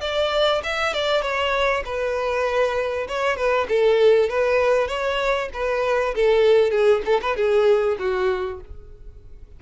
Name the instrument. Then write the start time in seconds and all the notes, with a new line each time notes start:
violin
0.00 D5
0.63 E5
0.93 D5
1.21 C#5
1.85 B4
3.07 C#5
3.36 B4
3.68 A4
4.29 B4
4.87 C#5
5.53 B4
6.15 A4
6.71 G#4
7.05 A4
7.21 B4
7.36 G#4
7.99 F#4